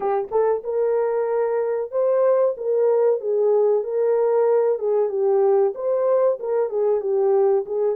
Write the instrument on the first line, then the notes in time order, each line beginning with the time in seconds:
horn
0.00 G4
0.31 A4
0.63 A#4
1.91 C5
2.57 A#4
3.20 G#4
3.83 A#4
4.78 G#4
5.09 G4
5.74 C5
6.39 A#4
6.69 G#4
7.01 G4
7.66 G#4